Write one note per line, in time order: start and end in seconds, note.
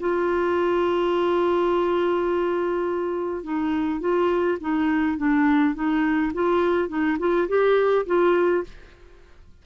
0.00 3.44 F4
3.44 4.00 D#4
4.00 4.58 F4
4.61 5.18 D#4
5.18 5.75 D4
5.75 6.33 D#4
6.34 6.89 F4
6.89 7.18 D#4
7.19 7.48 F4
7.48 8.06 G4
8.06 8.64 F4